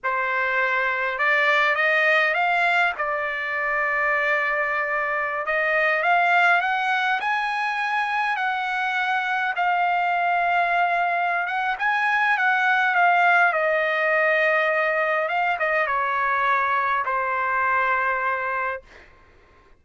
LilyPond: \new Staff \with { instrumentName = "trumpet" } { \time 4/4 \tempo 4 = 102 c''2 d''4 dis''4 | f''4 d''2.~ | d''4~ d''16 dis''4 f''4 fis''8.~ | fis''16 gis''2 fis''4.~ fis''16~ |
fis''16 f''2.~ f''16 fis''8 | gis''4 fis''4 f''4 dis''4~ | dis''2 f''8 dis''8 cis''4~ | cis''4 c''2. | }